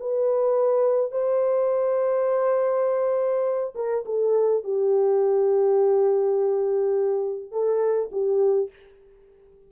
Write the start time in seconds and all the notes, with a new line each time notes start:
0.00 B4
1.12 C5
3.75 A#4
4.06 A4
4.64 G4
7.52 A4
8.12 G4